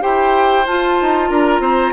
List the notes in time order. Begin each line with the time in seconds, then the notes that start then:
0.00 E4 G4 C5 G5
0.66 F4 A5
1.01 D#4
1.29 D4 A#4 A#5
1.59 C4 C5